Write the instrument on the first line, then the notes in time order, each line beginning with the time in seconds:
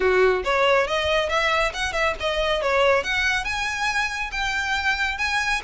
violin
0.00 F#4
0.44 C#5
0.87 D#5
1.29 E5
1.73 F#5
1.92 E5
2.19 D#5
2.62 C#5
3.03 F#5
3.44 G#5
4.31 G5
5.18 G#5